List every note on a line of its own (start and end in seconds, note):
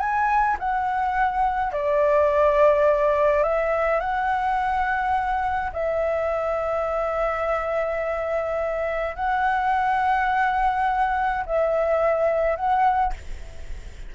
0.00 0.57 G#5
0.59 1.73 F#5
1.73 3.44 D5
3.44 4.00 E5
4.00 5.72 F#5
5.73 9.16 E5
9.16 11.45 F#5
11.46 12.57 E5
12.57 13.14 F#5